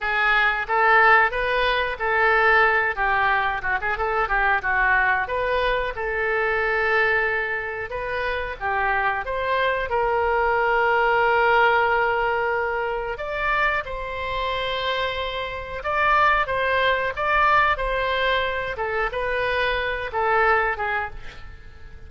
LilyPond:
\new Staff \with { instrumentName = "oboe" } { \time 4/4 \tempo 4 = 91 gis'4 a'4 b'4 a'4~ | a'8 g'4 fis'16 gis'16 a'8 g'8 fis'4 | b'4 a'2. | b'4 g'4 c''4 ais'4~ |
ais'1 | d''4 c''2. | d''4 c''4 d''4 c''4~ | c''8 a'8 b'4. a'4 gis'8 | }